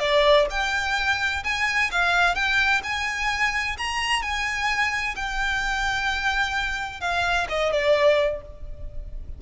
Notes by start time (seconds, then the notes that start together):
0.00 D5
0.51 G5
1.44 G#5
1.92 F5
2.35 G5
2.84 G#5
3.78 A#5
4.22 G#5
5.16 G5
7.01 F5
7.49 D#5
7.72 D5